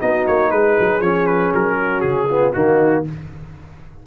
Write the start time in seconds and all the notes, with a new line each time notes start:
0.00 B3 D#4 F#4 D#5
0.27 A#3 C#5
0.51 G#3 G#4 B4
0.79 F#3
1.00 F3 C#4 C#5
1.26 B4
1.54 F#3 A#4
1.77 F#4
2.01 C#3 G#4
2.28 B3 F4
2.53 D#3 A#3 D#4 F#4